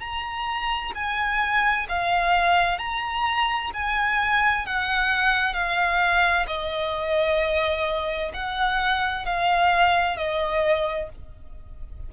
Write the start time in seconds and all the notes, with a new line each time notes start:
0.00 A#5
0.95 G#5
1.89 F5
2.79 A#5
3.74 G#5
4.66 F#5
5.54 F5
6.47 D#5
8.34 F#5
9.26 F5
10.17 D#5